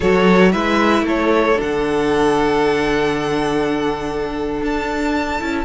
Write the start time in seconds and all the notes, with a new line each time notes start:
0.00 F#3 F#4 A4 C#5
0.52 G#3 E4 B4 E5
1.02 A3 A4
1.08 C#5
1.55 D3 D4 F#5
4.61 D4 A5
5.39 C#4 E4